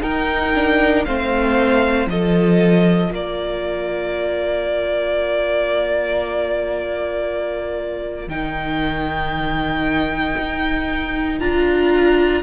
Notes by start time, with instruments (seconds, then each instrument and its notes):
0.00 viola D#4, cello D#4, violin A#4 G5
0.55 viola D4
1.05 cello A3, viola C4, violin C5 F5
2.07 cello F3, viola F4, violin A4 D#5
3.10 cello A#3, violin A#4 D5
8.29 cello D#3, viola D#4, violin G5
10.39 cello D#4
11.40 cello D4, viola F4, violin A#5